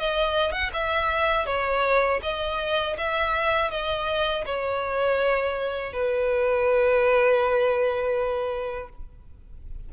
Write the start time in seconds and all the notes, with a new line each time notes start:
0.00 D#5
0.53 F#5
0.73 E5
1.46 C#5
2.23 D#5
2.98 E5
3.71 D#5
4.46 C#5
5.93 B4